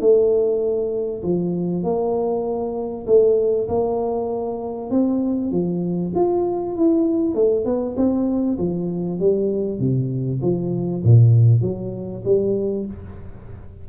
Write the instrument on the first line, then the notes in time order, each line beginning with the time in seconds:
tuba
0.00 A3
1.23 F3
1.83 A#3
3.07 A3
3.68 A#3
4.90 C4
5.51 F3
6.15 F4
6.76 E4
7.35 A3
7.65 B3
7.96 C4
8.58 F3
9.19 G3
9.80 C3
10.42 F3
11.03 A#2
11.62 F#3
12.25 G3